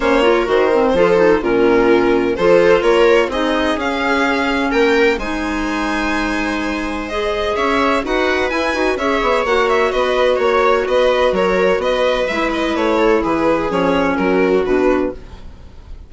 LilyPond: <<
  \new Staff \with { instrumentName = "violin" } { \time 4/4 \tempo 4 = 127 cis''4 c''2 ais'4~ | ais'4 c''4 cis''4 dis''4 | f''2 g''4 gis''4~ | gis''2. dis''4 |
e''4 fis''4 gis''4 e''4 | fis''8 e''8 dis''4 cis''4 dis''4 | cis''4 dis''4 e''8 dis''8 cis''4 | b'4 cis''4 ais'4 b'4 | }
  \new Staff \with { instrumentName = "viola" } { \time 4/4 c''8 ais'4. a'4 f'4~ | f'4 a'4 ais'4 gis'4~ | gis'2 ais'4 c''4~ | c''1 |
cis''4 b'2 cis''4~ | cis''4 b'4 cis''4 b'4 | ais'4 b'2~ b'8 a'8 | gis'2 fis'2 | }
  \new Staff \with { instrumentName = "clarinet" } { \time 4/4 cis'8 f'8 fis'8 c'8 f'8 dis'8 cis'4~ | cis'4 f'2 dis'4 | cis'2. dis'4~ | dis'2. gis'4~ |
gis'4 fis'4 e'8 fis'8 gis'4 | fis'1~ | fis'2 e'2~ | e'4 cis'2 d'4 | }
  \new Staff \with { instrumentName = "bassoon" } { \time 4/4 ais4 dis4 f4 ais,4~ | ais,4 f4 ais4 c'4 | cis'2 ais4 gis4~ | gis1 |
cis'4 dis'4 e'8 dis'8 cis'8 b8 | ais4 b4 ais4 b4 | fis4 b4 gis4 a4 | e4 f4 fis4 b,4 | }
>>